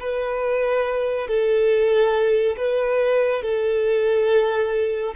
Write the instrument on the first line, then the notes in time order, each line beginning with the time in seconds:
violin
0.00 B4
1.28 A4
2.57 B4
3.43 A4